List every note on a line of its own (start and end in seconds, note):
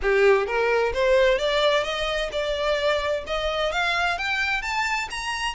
0.01 0.46 G4
0.46 0.92 A#4
0.93 1.38 C5
1.38 1.83 D5
1.83 2.29 D#5
2.32 3.24 D5
3.26 3.72 D#5
3.72 4.18 F5
4.18 4.62 G5
4.62 5.08 A5
5.10 5.54 A#5